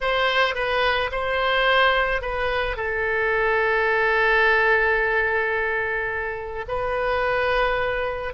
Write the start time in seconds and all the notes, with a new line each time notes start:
0.00 C5
0.55 B4
1.11 C5
2.21 B4
2.76 A4
6.68 B4